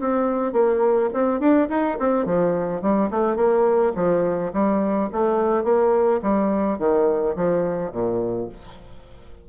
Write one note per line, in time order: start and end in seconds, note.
0.00 0.53 C4
0.53 1.10 A#3
1.14 1.40 C4
1.40 1.68 D4
1.70 1.98 D#4
2.00 2.26 C4
2.26 2.82 F3
2.82 3.11 G3
3.11 3.37 A3
3.37 3.93 A#3
3.96 4.53 F3
4.53 5.10 G3
5.13 5.64 A3
5.64 6.21 A#3
6.22 6.79 G3
6.79 7.36 D#3
7.36 7.92 F3
7.92 8.49 A#2